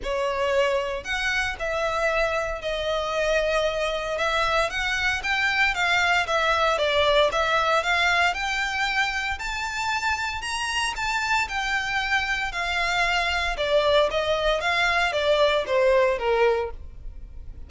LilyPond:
\new Staff \with { instrumentName = "violin" } { \time 4/4 \tempo 4 = 115 cis''2 fis''4 e''4~ | e''4 dis''2. | e''4 fis''4 g''4 f''4 | e''4 d''4 e''4 f''4 |
g''2 a''2 | ais''4 a''4 g''2 | f''2 d''4 dis''4 | f''4 d''4 c''4 ais'4 | }